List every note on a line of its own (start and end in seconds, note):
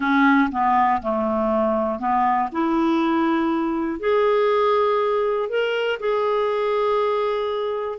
0.00 0.49 C#4
0.51 1.01 B3
1.01 1.99 A3
1.99 2.49 B3
2.51 3.99 E4
3.99 5.49 G#4
5.49 5.99 A#4
5.99 7.98 G#4